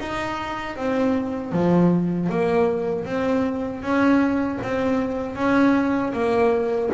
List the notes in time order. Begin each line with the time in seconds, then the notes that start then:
0.00 D#4
0.77 C4
1.52 F3
2.29 A#3
3.05 C4
3.82 C#4
4.63 C4
5.36 C#4
6.13 A#3